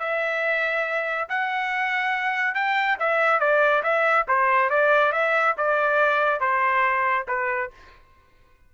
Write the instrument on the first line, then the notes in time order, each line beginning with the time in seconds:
trumpet
0.00 E5
1.30 F#5
2.55 G5
3.00 E5
3.40 D5
3.83 E5
4.28 C5
4.70 D5
5.13 E5
5.58 D5
6.41 C5
7.28 B4